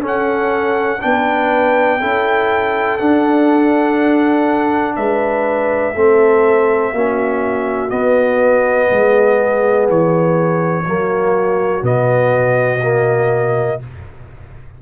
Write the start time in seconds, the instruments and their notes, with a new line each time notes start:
0.00 trombone C#4, tuba C#4, horn A4
0.07 trumpet F#5
1.01 tuba B3, trombone D4, horn B4, trumpet G5
2.00 tuba C#4, trombone E4, horn A4
2.98 trombone D4, tuba D4, trumpet F#5
4.96 tuba G#3, horn B4, trumpet E5
5.95 tuba A3, trombone C4, horn A4
6.92 tuba A#3, trombone C#4, horn F#4
7.89 trombone B3, tuba B3, trumpet D#5
8.91 tuba G#3, horn G#4
9.89 tuba E3, trumpet C#5
10.85 tuba F#3, trombone A#3, horn F#4
11.82 tuba B2, trombone B3, trumpet D#5
12.81 trombone A#3